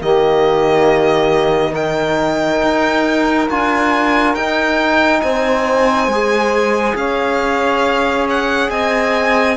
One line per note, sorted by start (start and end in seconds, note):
0.00 2.62 D#3
0.00 1.72 A#3
0.00 1.71 G4
0.00 1.74 D#5
1.71 3.46 D#4
1.71 5.19 A#4
1.71 3.48 G5
2.62 3.49 D#4
3.49 4.35 D4
3.49 4.36 F4
3.49 4.35 G#5
4.35 5.22 D#4
4.35 6.10 D#4
4.35 5.21 G5
5.21 6.07 C4
5.21 6.96 C5
5.21 6.95 G#5
6.07 6.94 G#3
6.07 9.57 G#4
6.95 8.69 C#4
6.95 8.70 C#5
6.95 8.27 F5
8.29 8.70 F#5
8.70 9.57 C4
8.70 9.57 D#5
8.70 9.57 G#5